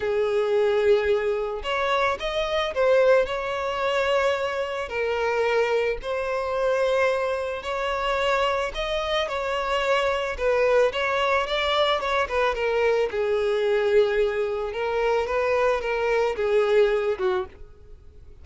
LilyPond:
\new Staff \with { instrumentName = "violin" } { \time 4/4 \tempo 4 = 110 gis'2. cis''4 | dis''4 c''4 cis''2~ | cis''4 ais'2 c''4~ | c''2 cis''2 |
dis''4 cis''2 b'4 | cis''4 d''4 cis''8 b'8 ais'4 | gis'2. ais'4 | b'4 ais'4 gis'4. fis'8 | }